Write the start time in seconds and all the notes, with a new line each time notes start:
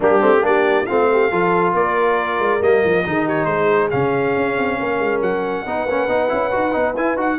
0.00 G3 A#3 D4 G4
0.20 A3 C4
0.41 A#3 D4 G4 D5
0.86 A3 C4 F4 F5
1.12 G4
1.30 F3 F4 A4
1.74 A#3 A#4 D5
2.39 G#3
2.60 G3 A#3 D#5
2.84 F3
3.04 D#3 D#4 G#4
3.25 G4 C#5
3.44 G#3 G#4 C5
3.90 C#3 C#4 F5
4.36 C#4
4.56 C4
4.79 A#3 A#4
4.99 G#3
5.21 F#3 F#5
5.65 B3 D#4 B4
5.86 A#3 C#4
6.08 B3 D#4
6.28 C#4 E4
6.51 D#4 F#4
6.72 B3 D#4
6.95 E4 G#5
7.16 D#4 F#4 F#5